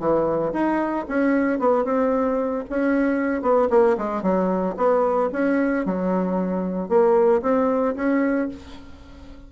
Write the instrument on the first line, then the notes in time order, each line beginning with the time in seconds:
bassoon
0.00 E3
0.53 D#4
1.08 C#4
1.60 B3
1.85 C4
2.70 C#4
3.42 B3
3.71 A#3
3.98 G#3
4.23 F#3
4.77 B3
5.33 C#4
5.86 F#3
6.89 A#3
7.43 C4
7.96 C#4